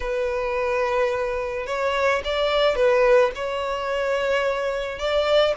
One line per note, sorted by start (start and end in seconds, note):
0.00 1.66 B4
1.66 2.21 C#5
2.24 2.75 D5
2.75 3.31 B4
3.35 4.98 C#5
4.98 5.54 D5